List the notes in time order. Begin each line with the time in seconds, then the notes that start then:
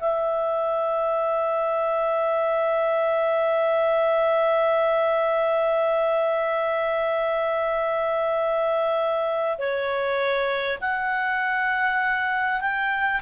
0.00 E5
9.58 C#5
10.81 F#5
12.61 G5